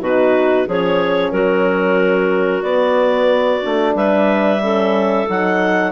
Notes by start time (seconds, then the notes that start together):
0.00 B2 D#4 F#4 B4
0.66 F3 C#4 G#4 C#5
1.31 F#3 F#4 A#4
2.62 B3 D5
3.61 A3 D4
3.94 G3 B4 E5
4.62 C#4 A4
5.28 F#3 D#4 F#5